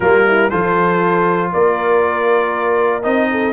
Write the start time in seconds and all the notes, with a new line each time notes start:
0.00 G3 A#3 F4 A#4
0.27 E4
0.49 F3 F4 A4 C5
1.52 A#3 A#4 D5
3.02 C4 D#4 D#5
3.30 A4